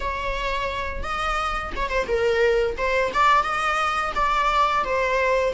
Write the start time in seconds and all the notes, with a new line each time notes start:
0.00 C#5
1.03 D#5
1.76 C#5
1.89 C5
2.07 A#4
2.77 C5
3.13 D5
3.43 D#5
4.15 D5
4.84 C5